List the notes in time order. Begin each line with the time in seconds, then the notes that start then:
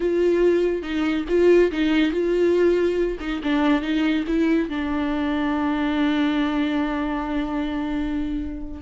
0.00 F4
0.82 D#4
1.28 F4
1.71 D#4
2.11 F4
3.20 D#4
3.43 D4
3.81 D#4
4.27 E4
4.69 D4